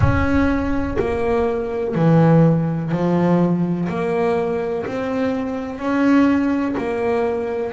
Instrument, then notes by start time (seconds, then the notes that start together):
double bass
0.00 C#4
0.99 A#3
1.94 E3
2.91 F3
3.88 A#3
4.86 C4
5.78 C#4
6.77 A#3